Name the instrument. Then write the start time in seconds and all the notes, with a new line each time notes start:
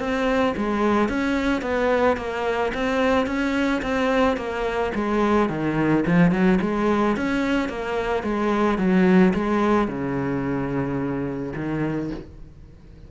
cello
0.00 C4
0.57 G#3
1.09 C#4
1.62 B3
2.17 A#3
2.74 C4
3.27 C#4
3.82 C4
4.37 A#3
4.95 G#3
5.50 D#3
6.07 F3
6.32 F#3
6.62 G#3
7.17 C#4
7.69 A#3
8.23 G#3
8.78 F#3
9.34 G#3
9.88 C#3
11.56 D#3